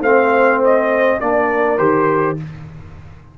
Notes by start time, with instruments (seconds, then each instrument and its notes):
0.00 tuba A3, trombone C4, horn C5, trumpet F5
0.64 trumpet D#5
1.20 tuba A#3, trombone D4, horn A#4, trumpet D5
1.78 tuba D#3, trombone G4, trumpet C5